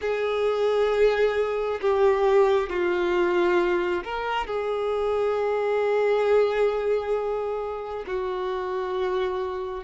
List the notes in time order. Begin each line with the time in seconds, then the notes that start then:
0.01 G#4
1.81 G4
2.69 F4
4.03 A#4
4.46 G#4
8.06 F#4